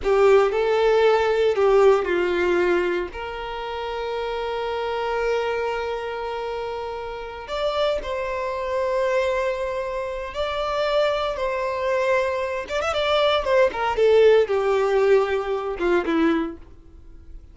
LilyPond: \new Staff \with { instrumentName = "violin" } { \time 4/4 \tempo 4 = 116 g'4 a'2 g'4 | f'2 ais'2~ | ais'1~ | ais'2~ ais'8 d''4 c''8~ |
c''1 | d''2 c''2~ | c''8 d''16 e''16 d''4 c''8 ais'8 a'4 | g'2~ g'8 f'8 e'4 | }